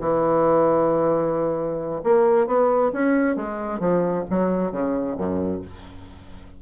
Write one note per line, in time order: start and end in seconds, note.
0.00 2.01 E3
2.03 2.46 A#3
2.46 2.91 B3
2.92 3.36 C#4
3.36 3.79 G#3
3.79 4.24 F3
4.30 4.71 F#3
4.71 5.16 C#3
5.17 5.62 F#2